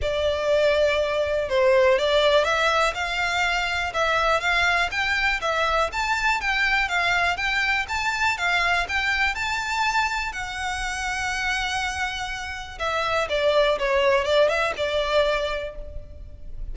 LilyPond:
\new Staff \with { instrumentName = "violin" } { \time 4/4 \tempo 4 = 122 d''2. c''4 | d''4 e''4 f''2 | e''4 f''4 g''4 e''4 | a''4 g''4 f''4 g''4 |
a''4 f''4 g''4 a''4~ | a''4 fis''2.~ | fis''2 e''4 d''4 | cis''4 d''8 e''8 d''2 | }